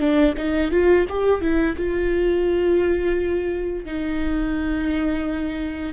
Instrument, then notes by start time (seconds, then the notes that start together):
viola
0.00 D4
0.37 D#4
0.72 F4
1.09 G4
1.41 E4
1.77 F4
3.86 D#4